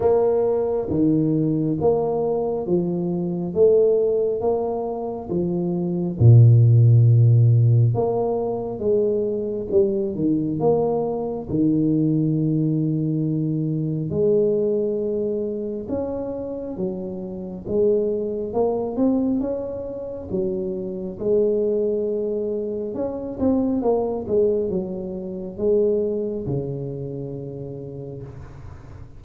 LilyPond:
\new Staff \with { instrumentName = "tuba" } { \time 4/4 \tempo 4 = 68 ais4 dis4 ais4 f4 | a4 ais4 f4 ais,4~ | ais,4 ais4 gis4 g8 dis8 | ais4 dis2. |
gis2 cis'4 fis4 | gis4 ais8 c'8 cis'4 fis4 | gis2 cis'8 c'8 ais8 gis8 | fis4 gis4 cis2 | }